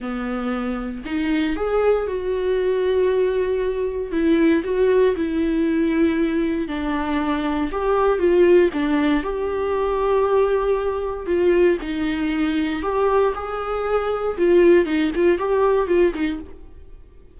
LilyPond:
\new Staff \with { instrumentName = "viola" } { \time 4/4 \tempo 4 = 117 b2 dis'4 gis'4 | fis'1 | e'4 fis'4 e'2~ | e'4 d'2 g'4 |
f'4 d'4 g'2~ | g'2 f'4 dis'4~ | dis'4 g'4 gis'2 | f'4 dis'8 f'8 g'4 f'8 dis'8 | }